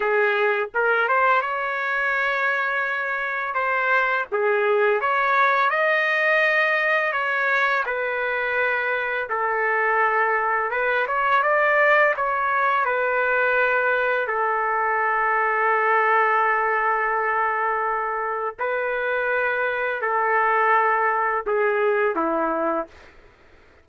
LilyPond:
\new Staff \with { instrumentName = "trumpet" } { \time 4/4 \tempo 4 = 84 gis'4 ais'8 c''8 cis''2~ | cis''4 c''4 gis'4 cis''4 | dis''2 cis''4 b'4~ | b'4 a'2 b'8 cis''8 |
d''4 cis''4 b'2 | a'1~ | a'2 b'2 | a'2 gis'4 e'4 | }